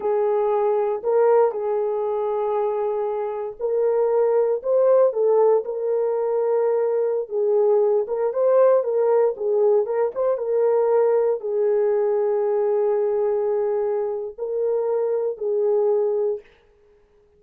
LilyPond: \new Staff \with { instrumentName = "horn" } { \time 4/4 \tempo 4 = 117 gis'2 ais'4 gis'4~ | gis'2. ais'4~ | ais'4 c''4 a'4 ais'4~ | ais'2~ ais'16 gis'4. ais'16~ |
ais'16 c''4 ais'4 gis'4 ais'8 c''16~ | c''16 ais'2 gis'4.~ gis'16~ | gis'1 | ais'2 gis'2 | }